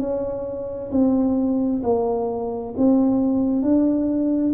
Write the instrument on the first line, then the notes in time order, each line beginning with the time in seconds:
tuba
0.00 C#4
0.92 C4
1.83 A#3
2.77 C4
3.63 D4